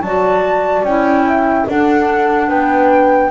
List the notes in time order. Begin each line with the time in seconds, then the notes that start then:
0.00 F#3 F#4 D5 A5
0.82 C#4 E4 G5
1.27 E5
1.67 D4 A4 F#5
2.48 B3 B4 G5